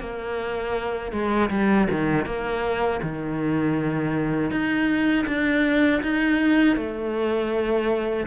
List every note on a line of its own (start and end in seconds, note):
0.00 1.12 A#3
1.12 1.49 G#3
1.50 1.88 G3
1.91 2.26 D#3
2.26 3.01 A#3
3.02 4.51 D#3
4.51 5.26 D#4
5.27 6.02 D4
6.02 6.76 D#4
6.76 8.26 A3